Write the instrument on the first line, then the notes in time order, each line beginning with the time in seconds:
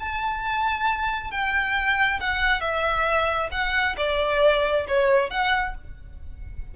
violin
0.00 A5
1.31 G5
2.20 F#5
2.61 E5
3.51 F#5
3.97 D5
4.88 C#5
5.30 F#5